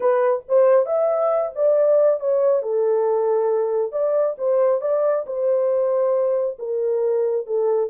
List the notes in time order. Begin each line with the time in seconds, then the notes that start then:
0.00 B4
0.48 C5
0.85 E5
1.55 D5
2.20 C#5
2.62 A4
3.92 D5
4.37 C5
4.81 D5
5.26 C5
6.59 A#4
7.46 A4